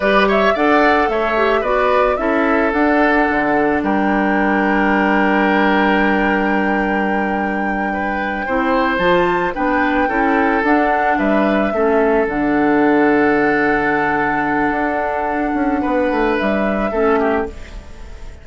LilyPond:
<<
  \new Staff \with { instrumentName = "flute" } { \time 4/4 \tempo 4 = 110 d''8 e''8 fis''4 e''4 d''4 | e''4 fis''2 g''4~ | g''1~ | g''1~ |
g''8 a''4 g''2 fis''8~ | fis''8 e''2 fis''4.~ | fis''1~ | fis''2 e''2 | }
  \new Staff \with { instrumentName = "oboe" } { \time 4/4 b'8 cis''8 d''4 cis''4 b'4 | a'2. ais'4~ | ais'1~ | ais'2~ ais'8 b'4 c''8~ |
c''4. b'4 a'4.~ | a'8 b'4 a'2~ a'8~ | a'1~ | a'4 b'2 a'8 g'8 | }
  \new Staff \with { instrumentName = "clarinet" } { \time 4/4 g'4 a'4. g'8 fis'4 | e'4 d'2.~ | d'1~ | d'2.~ d'8 e'8~ |
e'8 f'4 d'4 e'4 d'8~ | d'4. cis'4 d'4.~ | d'1~ | d'2. cis'4 | }
  \new Staff \with { instrumentName = "bassoon" } { \time 4/4 g4 d'4 a4 b4 | cis'4 d'4 d4 g4~ | g1~ | g2.~ g8 c'8~ |
c'8 f4 b4 cis'4 d'8~ | d'8 g4 a4 d4.~ | d2. d'4~ | d'8 cis'8 b8 a8 g4 a4 | }
>>